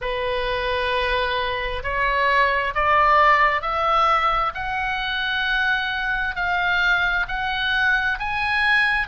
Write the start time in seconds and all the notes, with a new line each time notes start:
0.01 B4
1.83 C#5
2.74 D5
3.61 E5
4.54 F#5
6.35 F5
7.27 F#5
8.19 G#5